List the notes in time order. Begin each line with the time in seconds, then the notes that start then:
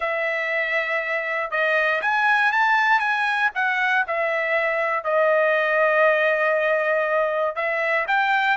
0.00 E5
1.51 D#5
2.01 G#5
2.52 A5
2.99 G#5
3.54 F#5
4.07 E5
5.04 D#5
7.55 E5
8.07 G5